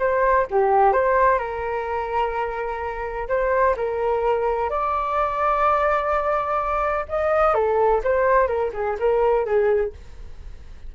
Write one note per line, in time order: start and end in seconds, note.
0.00 0.47 C5
0.51 0.93 G4
0.93 1.39 C5
1.39 3.28 A#4
3.29 3.76 C5
3.77 4.70 A#4
4.70 7.07 D5
7.09 7.55 D#5
7.55 8.02 A4
8.04 8.48 C5
8.48 8.72 A#4
8.74 8.97 G#4
9.00 9.46 A#4
9.46 9.93 G#4